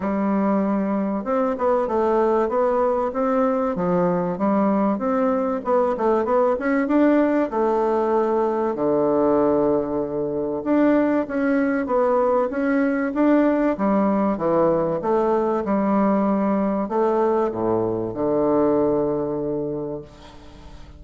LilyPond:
\new Staff \with { instrumentName = "bassoon" } { \time 4/4 \tempo 4 = 96 g2 c'8 b8 a4 | b4 c'4 f4 g4 | c'4 b8 a8 b8 cis'8 d'4 | a2 d2~ |
d4 d'4 cis'4 b4 | cis'4 d'4 g4 e4 | a4 g2 a4 | a,4 d2. | }